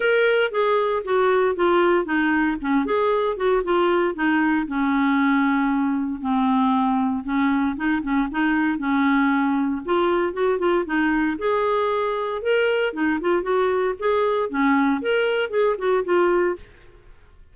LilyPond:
\new Staff \with { instrumentName = "clarinet" } { \time 4/4 \tempo 4 = 116 ais'4 gis'4 fis'4 f'4 | dis'4 cis'8 gis'4 fis'8 f'4 | dis'4 cis'2. | c'2 cis'4 dis'8 cis'8 |
dis'4 cis'2 f'4 | fis'8 f'8 dis'4 gis'2 | ais'4 dis'8 f'8 fis'4 gis'4 | cis'4 ais'4 gis'8 fis'8 f'4 | }